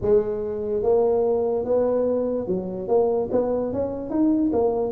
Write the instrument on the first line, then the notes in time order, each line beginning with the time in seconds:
tuba
0.01 G#3
0.82 A#3
1.64 B3
2.47 F#3
2.88 A#3
3.31 B3
3.72 C#4
4.10 D#4
4.52 A#3